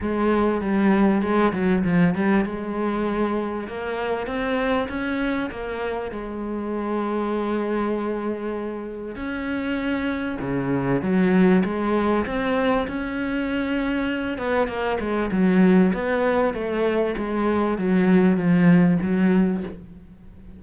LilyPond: \new Staff \with { instrumentName = "cello" } { \time 4/4 \tempo 4 = 98 gis4 g4 gis8 fis8 f8 g8 | gis2 ais4 c'4 | cis'4 ais4 gis2~ | gis2. cis'4~ |
cis'4 cis4 fis4 gis4 | c'4 cis'2~ cis'8 b8 | ais8 gis8 fis4 b4 a4 | gis4 fis4 f4 fis4 | }